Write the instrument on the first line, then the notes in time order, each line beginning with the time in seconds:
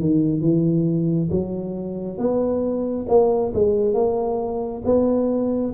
tuba
0.00 D#3
0.41 E3
1.31 F#3
2.18 B3
3.08 A#3
3.54 G#3
3.94 A#3
4.85 B3